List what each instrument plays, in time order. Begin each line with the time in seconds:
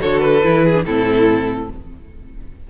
0.00 cello D3, viola F#4, violin A4 C#5
0.20 violin B4
0.43 cello E3, viola E4
0.64 violin G#4
0.75 viola D4
0.85 cello A2, viola C4, violin E4 A4